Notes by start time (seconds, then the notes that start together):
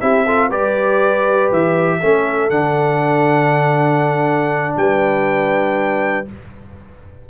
0.00 C4 E4 G4 E5
0.25 F4 A4
0.48 G3 G4 B4 D5
1.51 E3 E5
2.00 A3 C#4 A4
2.50 D3 D4 F#5
4.76 G3 B4 G5